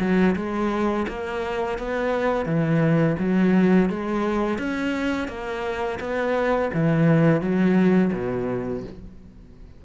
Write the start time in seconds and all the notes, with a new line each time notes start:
0.00 F#3
0.36 G#3
1.08 A#3
1.79 B3
2.46 E3
3.19 F#3
3.90 G#3
4.58 C#4
5.28 A#3
6.00 B3
6.74 E3
7.41 F#3
8.13 B2